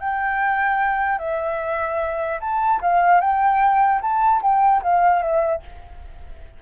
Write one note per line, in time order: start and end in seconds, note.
0.00 1.19 G5
1.19 2.40 E5
2.40 2.81 A5
2.82 3.21 F5
3.21 4.01 G5
4.02 4.42 A5
4.42 4.83 G5
4.83 5.22 F5
5.22 5.62 E5